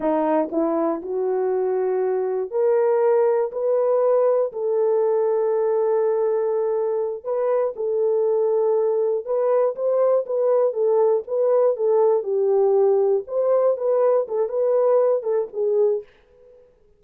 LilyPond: \new Staff \with { instrumentName = "horn" } { \time 4/4 \tempo 4 = 120 dis'4 e'4 fis'2~ | fis'4 ais'2 b'4~ | b'4 a'2.~ | a'2~ a'8 b'4 a'8~ |
a'2~ a'8 b'4 c''8~ | c''8 b'4 a'4 b'4 a'8~ | a'8 g'2 c''4 b'8~ | b'8 a'8 b'4. a'8 gis'4 | }